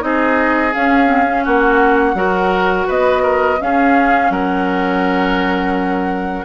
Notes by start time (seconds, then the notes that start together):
0.00 C4 D#4 G#4 D#5
0.72 C#4 F5
1.07 C4
1.26 C#4
1.44 A#3 F#4 F#5
2.14 F#3 F#4 A#4
2.87 B3 B4 D#5
3.22 A#4
3.58 C#4 G#4 F5
4.30 F#3 A#4 F#5